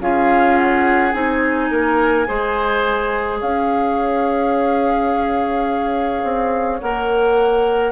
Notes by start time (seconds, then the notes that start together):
0.00 C#4 F4 G#4 F5
0.57 F#5
1.12 C4 D#4 G#5
1.71 A#3 A#4
2.26 G#3 G#4 C5
3.39 C#4 C#5 F5
6.24 C4
6.80 A#3 A#4 F#5